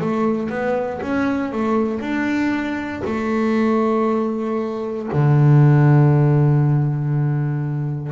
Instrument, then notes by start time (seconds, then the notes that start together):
double bass
0.00 A3
0.49 B3
1.02 C#4
1.52 A3
2.01 D4
3.05 A3
5.12 D3